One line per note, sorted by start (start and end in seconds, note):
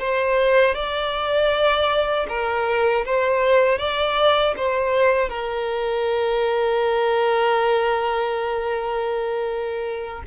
0.00 0.75 C5
0.75 2.27 D5
2.29 3.05 A#4
3.06 3.79 C5
3.79 4.55 D5
4.57 5.30 C5
5.30 10.23 A#4